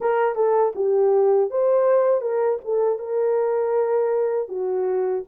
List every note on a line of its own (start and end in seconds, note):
0.00 0.35 A#4
0.35 0.72 A4
0.75 1.50 G4
1.50 2.21 C5
2.21 2.58 A#4
2.64 2.98 A4
2.98 4.48 A#4
4.48 5.23 F#4